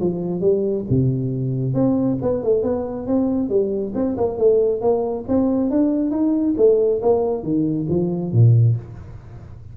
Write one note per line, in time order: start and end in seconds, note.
0.00 0.41 F3
0.41 0.84 G3
0.89 1.74 C3
1.74 2.18 C4
2.22 2.43 B3
2.43 2.63 A3
2.63 3.07 B3
3.07 3.49 C4
3.49 3.93 G3
3.95 4.16 C4
4.17 4.38 A#3
4.38 4.81 A3
4.81 5.25 A#3
5.28 5.70 C4
5.70 6.11 D4
6.11 6.55 D#4
6.57 7.01 A3
7.02 7.43 A#3
7.43 7.87 D#3
7.89 8.32 F3
8.32 8.76 A#2